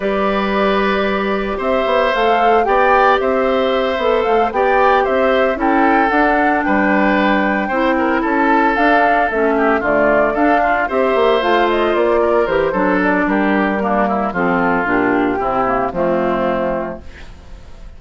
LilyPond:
<<
  \new Staff \with { instrumentName = "flute" } { \time 4/4 \tempo 4 = 113 d''2. e''4 | f''4 g''4 e''2 | f''8 g''4 e''4 g''4 fis''8~ | fis''8 g''2. a''8~ |
a''8 f''4 e''4 d''4 f''8~ | f''8 e''4 f''8 dis''8 d''4 c''8~ | c''8 d''8 ais'2 a'4 | g'2 f'2 | }
  \new Staff \with { instrumentName = "oboe" } { \time 4/4 b'2. c''4~ | c''4 d''4 c''2~ | c''8 d''4 c''4 a'4.~ | a'8 b'2 c''8 ais'8 a'8~ |
a'2 g'8 f'4 a'8 | f'8 c''2~ c''8 ais'4 | a'4 g'4 d'8 e'8 f'4~ | f'4 e'4 c'2 | }
  \new Staff \with { instrumentName = "clarinet" } { \time 4/4 g'1 | a'4 g'2~ g'8 a'8~ | a'8 g'2 e'4 d'8~ | d'2~ d'8 e'4.~ |
e'8 d'4 cis'4 a4 d'8~ | d'8 g'4 f'2 g'8 | d'2 ais4 c'4 | d'4 c'8 ais8 a2 | }
  \new Staff \with { instrumentName = "bassoon" } { \time 4/4 g2. c'8 b8 | a4 b4 c'4. b8 | a8 b4 c'4 cis'4 d'8~ | d'8 g2 c'4 cis'8~ |
cis'8 d'4 a4 d4 d'8~ | d'8 c'8 ais8 a4 ais4 e8 | fis4 g2 f4 | ais,4 c4 f2 | }
>>